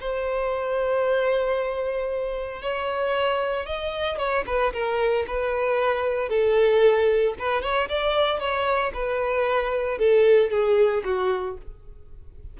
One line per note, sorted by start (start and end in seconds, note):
0.00 2.62 C5
2.62 3.66 C#5
3.66 4.18 D#5
4.18 4.44 C#5
4.46 4.72 B4
4.73 5.25 A#4
5.27 6.29 B4
6.29 7.34 A4
7.38 7.62 B4
7.62 7.88 C#5
7.89 8.39 D5
8.39 8.92 C#5
8.93 9.98 B4
9.98 10.50 A4
10.50 11.03 G#4
11.04 11.57 F#4